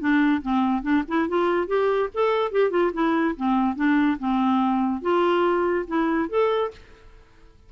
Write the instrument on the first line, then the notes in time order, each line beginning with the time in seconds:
clarinet
0.00 D4
0.42 C4
0.83 D4
1.08 E4
1.29 F4
1.68 G4
2.14 A4
2.52 G4
2.71 F4
2.94 E4
3.37 C4
3.76 D4
4.19 C4
5.02 F4
5.88 E4
6.29 A4